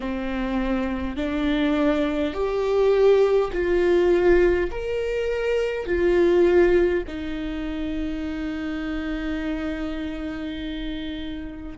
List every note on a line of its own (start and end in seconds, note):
0.00 1.16 C4
1.16 2.33 D4
2.33 3.51 G4
3.52 4.70 F4
4.71 5.86 A#4
5.86 7.03 F4
7.07 11.78 D#4